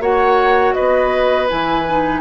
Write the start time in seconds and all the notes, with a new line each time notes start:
0.00 A#3 F#4 C#5 F#5
0.74 B3 B4 D#5
1.48 E3 E4 G#5
1.89 D#4